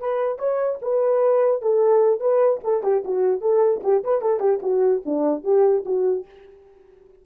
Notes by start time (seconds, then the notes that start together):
0.00 B4
0.39 C#5
0.82 B4
1.62 A4
2.21 B4
2.64 A4
2.83 G4
3.05 F#4
3.41 A4
3.83 G4
4.04 B4
4.21 A4
4.40 G4
4.63 F#4
5.06 D4
5.44 G4
5.85 F#4